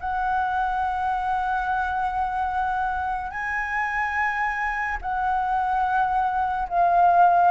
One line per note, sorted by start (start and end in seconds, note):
0.00 3.31 F#5
3.31 4.98 G#5
5.02 6.69 F#5
6.69 7.52 F5